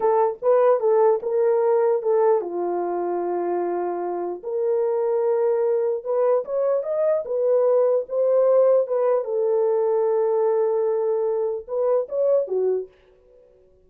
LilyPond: \new Staff \with { instrumentName = "horn" } { \time 4/4 \tempo 4 = 149 a'4 b'4 a'4 ais'4~ | ais'4 a'4 f'2~ | f'2. ais'4~ | ais'2. b'4 |
cis''4 dis''4 b'2 | c''2 b'4 a'4~ | a'1~ | a'4 b'4 cis''4 fis'4 | }